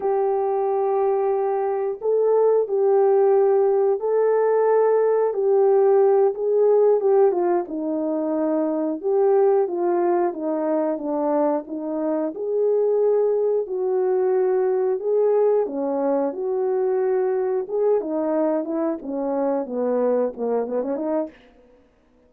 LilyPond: \new Staff \with { instrumentName = "horn" } { \time 4/4 \tempo 4 = 90 g'2. a'4 | g'2 a'2 | g'4. gis'4 g'8 f'8 dis'8~ | dis'4. g'4 f'4 dis'8~ |
dis'8 d'4 dis'4 gis'4.~ | gis'8 fis'2 gis'4 cis'8~ | cis'8 fis'2 gis'8 dis'4 | e'8 cis'4 b4 ais8 b16 cis'16 dis'8 | }